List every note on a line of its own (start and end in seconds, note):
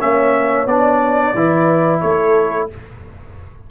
0.00 0.66 A#3
0.00 0.67 C#4
0.00 1.36 C#5
0.00 0.67 E5
0.66 1.33 B3
0.66 1.36 D4
0.66 2.00 D5
1.34 2.02 E3
1.34 2.70 E4
1.34 2.01 B4
2.00 2.71 A3
2.00 2.69 A4
2.00 2.68 C#5